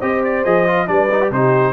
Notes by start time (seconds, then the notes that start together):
0.00 C4 G4 C5 D#5
0.25 D5
0.45 F3 G#4 D#5
0.67 F4
0.87 G3 D4 B4 D5
1.11 D#4
1.21 G4
1.31 C3 D#4 G4 C5